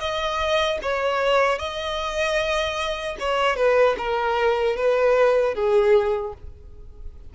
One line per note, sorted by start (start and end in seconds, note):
0.00 0.79 D#5
0.83 1.59 C#5
1.59 3.17 D#5
3.19 3.56 C#5
3.56 3.96 B4
3.98 4.76 A#4
4.76 5.55 B4
5.55 6.34 G#4